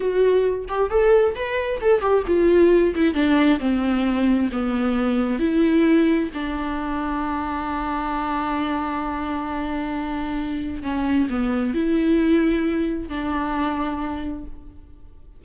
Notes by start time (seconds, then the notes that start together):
0.00 F#4
0.68 G4
0.89 A4
1.35 B4
1.81 A4
2.00 G4
2.26 F4
2.95 E4
3.14 D4
3.59 C4
4.52 B3
5.39 E4
6.34 D4
10.82 C#4
11.29 B3
11.74 E4
13.08 D4